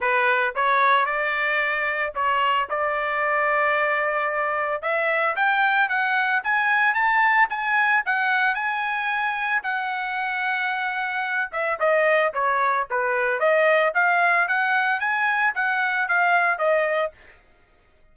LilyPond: \new Staff \with { instrumentName = "trumpet" } { \time 4/4 \tempo 4 = 112 b'4 cis''4 d''2 | cis''4 d''2.~ | d''4 e''4 g''4 fis''4 | gis''4 a''4 gis''4 fis''4 |
gis''2 fis''2~ | fis''4. e''8 dis''4 cis''4 | b'4 dis''4 f''4 fis''4 | gis''4 fis''4 f''4 dis''4 | }